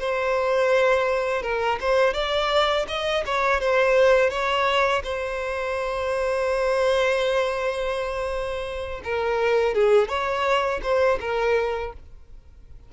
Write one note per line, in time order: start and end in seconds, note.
0.00 1.43 C5
1.43 1.79 A#4
1.81 2.14 C5
2.14 2.87 D5
2.88 3.25 D#5
3.26 3.61 C#5
3.61 4.30 C5
4.30 5.03 C#5
5.04 9.02 C5
9.04 9.75 A#4
9.75 10.09 G#4
10.09 10.81 C#5
10.83 11.19 C5
11.21 11.93 A#4